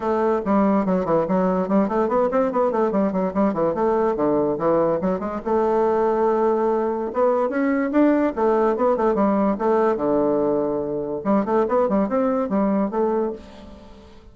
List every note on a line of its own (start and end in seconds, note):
0.00 0.41 A3
0.45 0.85 G3
0.85 1.05 F#3
1.05 1.26 E3
1.27 1.68 F#3
1.68 1.88 G3
1.88 2.08 A3
2.08 2.29 B3
2.31 2.52 C4
2.52 2.71 B3
2.71 2.91 A3
2.91 3.12 G3
3.12 3.33 F#3
3.34 3.53 G3
3.53 3.74 E3
3.74 4.16 A3
4.16 4.57 D3
4.58 4.99 E3
5.01 5.19 F#3
5.19 5.40 G#3
5.45 7.11 A3
7.13 7.49 B3
7.49 7.91 C#4
7.91 8.33 D4
8.35 8.76 A3
8.76 8.96 B3
8.96 9.15 A3
9.15 9.56 G3
9.58 9.96 A3
9.96 11.21 D3
11.24 11.45 G3
11.45 11.66 A3
11.68 11.88 B3
11.88 12.08 G3
12.08 12.49 C4
12.49 12.90 G3
12.90 13.32 A3